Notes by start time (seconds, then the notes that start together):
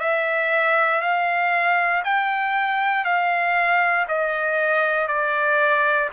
0.00 E5
1.02 F5
2.04 G5
3.05 F5
4.09 D#5
5.08 D5